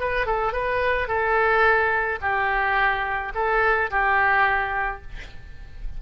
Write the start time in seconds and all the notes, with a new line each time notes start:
0.00 B4
0.27 A4
0.53 B4
1.08 A4
2.22 G4
3.35 A4
3.91 G4